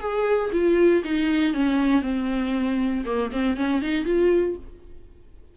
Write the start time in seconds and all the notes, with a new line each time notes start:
0.00 G#4
0.52 F4
1.05 D#4
1.54 C#4
2.02 C4
3.06 A#3
3.32 C4
3.57 C#4
3.82 D#4
4.05 F4